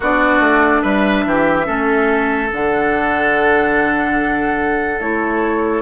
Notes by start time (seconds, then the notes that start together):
0.00 B3 D4 F#4 D5
0.40 A3
0.82 G3 B4 E5
1.25 E3 G4
1.64 A3 C#4 A4
2.52 D3 D4 F#5
5.00 A3 E4 C#5